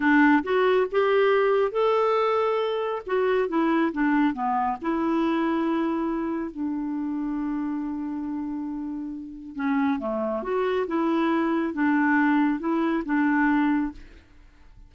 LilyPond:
\new Staff \with { instrumentName = "clarinet" } { \time 4/4 \tempo 4 = 138 d'4 fis'4 g'2 | a'2. fis'4 | e'4 d'4 b4 e'4~ | e'2. d'4~ |
d'1~ | d'2 cis'4 a4 | fis'4 e'2 d'4~ | d'4 e'4 d'2 | }